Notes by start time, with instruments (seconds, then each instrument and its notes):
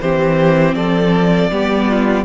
0.00 cello E3, viola C4, violin G4 C5
0.74 cello F3, violin A4 D5
1.51 cello G3, viola B3, violin G4
1.89 violin F4